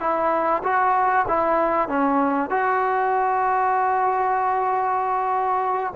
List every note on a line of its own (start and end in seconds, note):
0.00 0.62 E4
0.63 1.26 F#4
1.28 1.88 E4
1.88 2.50 C#4
2.50 5.94 F#4